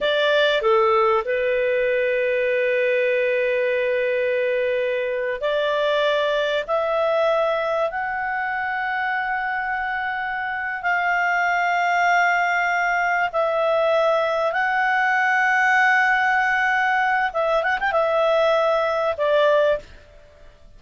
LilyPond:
\new Staff \with { instrumentName = "clarinet" } { \time 4/4 \tempo 4 = 97 d''4 a'4 b'2~ | b'1~ | b'8. d''2 e''4~ e''16~ | e''8. fis''2.~ fis''16~ |
fis''4. f''2~ f''8~ | f''4. e''2 fis''8~ | fis''1 | e''8 fis''16 g''16 e''2 d''4 | }